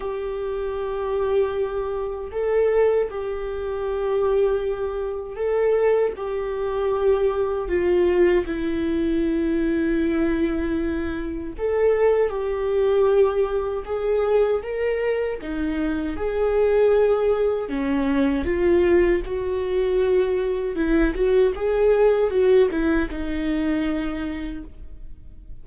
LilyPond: \new Staff \with { instrumentName = "viola" } { \time 4/4 \tempo 4 = 78 g'2. a'4 | g'2. a'4 | g'2 f'4 e'4~ | e'2. a'4 |
g'2 gis'4 ais'4 | dis'4 gis'2 cis'4 | f'4 fis'2 e'8 fis'8 | gis'4 fis'8 e'8 dis'2 | }